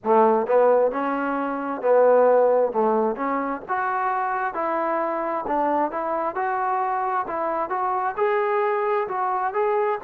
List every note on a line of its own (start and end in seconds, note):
0.03 0.47 A3
0.47 0.91 B3
0.91 1.81 C#4
1.81 2.72 B3
2.72 3.16 A3
3.16 3.61 C#4
3.68 4.53 F#4
4.53 5.44 E4
5.47 5.91 D4
5.91 6.35 E4
6.35 7.26 F#4
7.27 7.69 E4
7.69 8.15 F#4
8.17 9.07 G#4
9.07 9.53 F#4
9.53 9.98 G#4